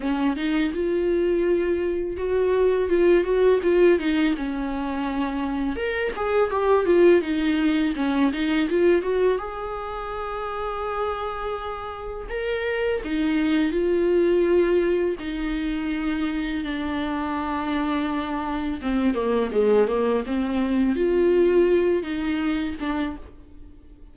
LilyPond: \new Staff \with { instrumentName = "viola" } { \time 4/4 \tempo 4 = 83 cis'8 dis'8 f'2 fis'4 | f'8 fis'8 f'8 dis'8 cis'2 | ais'8 gis'8 g'8 f'8 dis'4 cis'8 dis'8 | f'8 fis'8 gis'2.~ |
gis'4 ais'4 dis'4 f'4~ | f'4 dis'2 d'4~ | d'2 c'8 ais8 gis8 ais8 | c'4 f'4. dis'4 d'8 | }